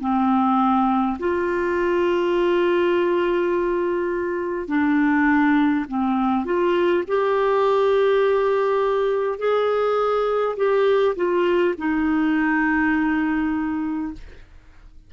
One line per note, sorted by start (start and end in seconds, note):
0.00 1.18 C4
1.19 4.68 F4
4.68 5.86 D4
5.88 6.45 C4
6.45 7.04 F4
7.07 9.39 G4
9.39 10.56 G#4
10.57 11.16 G4
11.16 11.75 F4
11.78 14.13 D#4